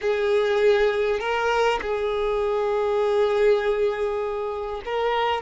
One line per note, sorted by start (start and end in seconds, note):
0.01 1.19 G#4
1.19 1.79 A#4
1.81 4.81 G#4
4.85 5.42 A#4